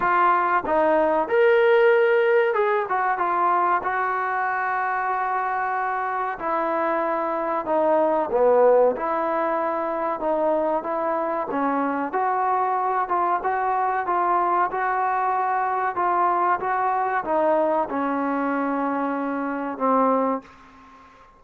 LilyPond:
\new Staff \with { instrumentName = "trombone" } { \time 4/4 \tempo 4 = 94 f'4 dis'4 ais'2 | gis'8 fis'8 f'4 fis'2~ | fis'2 e'2 | dis'4 b4 e'2 |
dis'4 e'4 cis'4 fis'4~ | fis'8 f'8 fis'4 f'4 fis'4~ | fis'4 f'4 fis'4 dis'4 | cis'2. c'4 | }